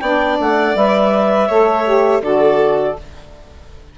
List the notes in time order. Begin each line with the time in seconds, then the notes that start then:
0.00 B3 D4 D5 G5
0.40 A3 F#5
0.75 G3 B4 E5
1.48 A3 A4 C#5
1.85 G4
2.22 D3 F#4 A4 D5